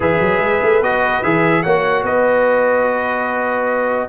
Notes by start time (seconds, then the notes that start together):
0.00 E3 G#4 B4 E5
0.20 F#3
0.39 G#3
0.62 A3
0.81 B3 F#4 D#5
1.23 E3 G#4 E5
1.62 A#3 F#4 C#5 F#5
2.02 B3 B4 D#5